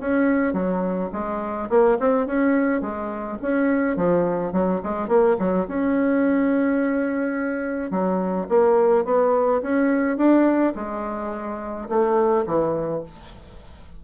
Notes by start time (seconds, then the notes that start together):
0.00 C#4
0.54 F#3
1.13 G#3
1.70 A#3
2.00 C4
2.27 C#4
2.81 G#3
3.42 C#4
3.96 F3
4.53 F#3
4.83 G#3
5.08 A#3
5.39 F#3
5.68 C#4
7.91 F#3
8.49 A#3
9.05 B3
9.62 C#4
10.17 D4
10.75 G#3
11.89 A3
12.47 E3